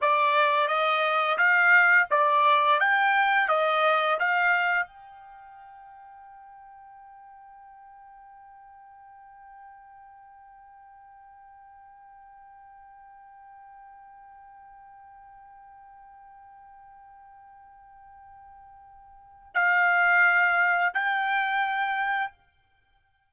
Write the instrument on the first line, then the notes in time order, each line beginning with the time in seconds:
trumpet
0.01 D5
0.68 D#5
1.38 F5
2.10 D5
2.80 G5
3.48 D#5
4.19 F5
4.86 G5
19.54 F5
20.93 G5